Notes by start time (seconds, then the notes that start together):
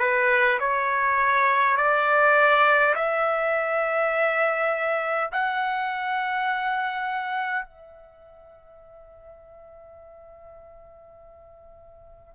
0.00 B4
0.60 C#5
1.77 D5
2.95 E5
5.32 F#5
7.66 E5